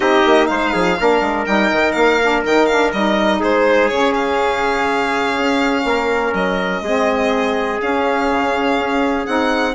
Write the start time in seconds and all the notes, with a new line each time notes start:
0.00 C4 D#4 G4 D#5
0.25 A#3
0.47 G#3 C5 F5
0.73 F3 G#4
0.99 A#3 D4 A#4
1.21 G#3
1.46 G3 D#4 G5
1.71 D#3
1.91 A#3 F5
2.22 D4
2.44 D#3 D#4 G5
2.65 D4 F5
2.92 G3 D#4 D#5
3.39 G#3 G#4 C5
3.88 C#3 C#4 C#5
4.14 F5
5.38 C#4
5.84 A#3 A#4
6.33 F#3 D#5
6.81 G#3 C4 G#4
7.81 C#4 F5
8.31 C#3
8.78 C#4
9.26 C4 D#4 F#5